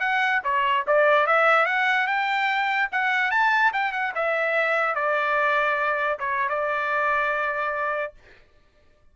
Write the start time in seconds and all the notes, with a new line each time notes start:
0.00 F#5
0.44 C#5
0.87 D5
1.27 E5
1.66 F#5
2.07 G5
2.92 F#5
3.31 A5
3.73 G5
3.92 F#5
4.15 E5
4.95 D5
6.19 C#5
6.49 D5